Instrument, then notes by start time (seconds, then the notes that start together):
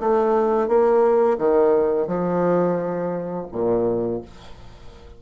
bassoon
0.00 A3
0.68 A#3
1.38 D#3
2.07 F3
3.52 A#2